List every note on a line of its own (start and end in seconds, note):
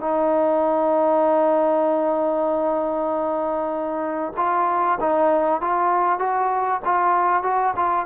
0.00 4.33 D#4
4.37 4.99 F4
5.00 5.61 D#4
5.61 6.19 F4
6.19 6.81 F#4
6.85 7.43 F4
7.43 7.74 F#4
7.76 8.06 F4